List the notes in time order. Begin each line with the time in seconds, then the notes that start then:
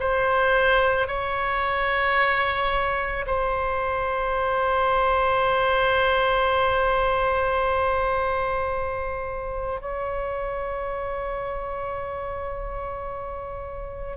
0.00 C5
1.08 C#5
3.27 C5
9.81 C#5